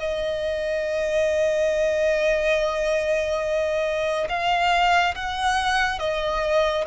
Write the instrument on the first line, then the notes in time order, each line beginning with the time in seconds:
violin
0.00 D#5
4.29 F5
5.15 F#5
6.00 D#5